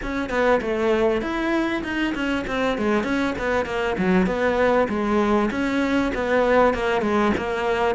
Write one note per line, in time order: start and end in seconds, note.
0.02 0.29 C#4
0.29 0.60 B3
0.61 1.21 A3
1.21 1.82 E4
1.83 2.14 D#4
2.14 2.45 C#4
2.47 2.77 C4
2.77 3.03 G#3
3.03 3.34 C#4
3.38 3.65 B3
3.65 3.96 A#3
3.97 4.26 F#3
4.26 4.87 B3
4.88 5.49 G#3
5.50 6.12 C#4
6.14 6.73 B3
6.73 7.01 A#3
7.01 7.32 G#3
7.37 7.95 A#3